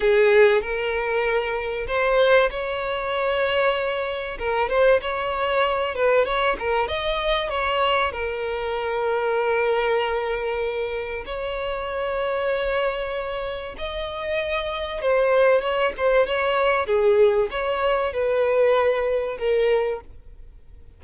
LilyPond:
\new Staff \with { instrumentName = "violin" } { \time 4/4 \tempo 4 = 96 gis'4 ais'2 c''4 | cis''2. ais'8 c''8 | cis''4. b'8 cis''8 ais'8 dis''4 | cis''4 ais'2.~ |
ais'2 cis''2~ | cis''2 dis''2 | c''4 cis''8 c''8 cis''4 gis'4 | cis''4 b'2 ais'4 | }